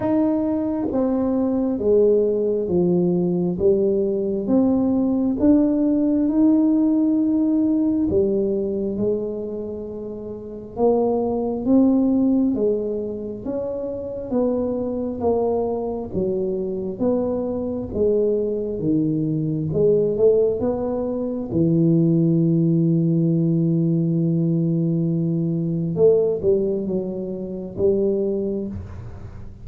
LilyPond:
\new Staff \with { instrumentName = "tuba" } { \time 4/4 \tempo 4 = 67 dis'4 c'4 gis4 f4 | g4 c'4 d'4 dis'4~ | dis'4 g4 gis2 | ais4 c'4 gis4 cis'4 |
b4 ais4 fis4 b4 | gis4 dis4 gis8 a8 b4 | e1~ | e4 a8 g8 fis4 g4 | }